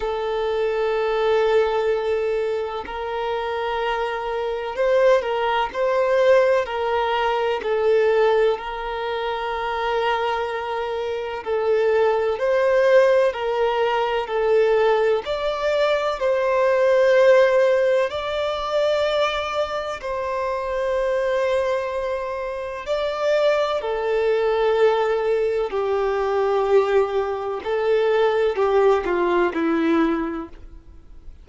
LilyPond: \new Staff \with { instrumentName = "violin" } { \time 4/4 \tempo 4 = 63 a'2. ais'4~ | ais'4 c''8 ais'8 c''4 ais'4 | a'4 ais'2. | a'4 c''4 ais'4 a'4 |
d''4 c''2 d''4~ | d''4 c''2. | d''4 a'2 g'4~ | g'4 a'4 g'8 f'8 e'4 | }